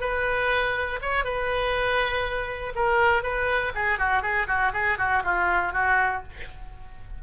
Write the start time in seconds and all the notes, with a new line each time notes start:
0.00 B4
1.02 C#5
1.24 B4
2.75 A#4
3.23 B4
3.75 G#4
3.98 F#4
4.22 G#4
4.47 F#4
4.73 G#4
4.98 F#4
5.24 F4
5.72 F#4